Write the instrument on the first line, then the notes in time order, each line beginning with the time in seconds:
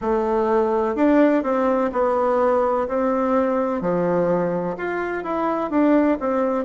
bassoon
0.01 A3
0.95 D4
1.43 C4
1.92 B3
2.88 C4
3.81 F3
4.77 F4
5.23 E4
5.70 D4
6.19 C4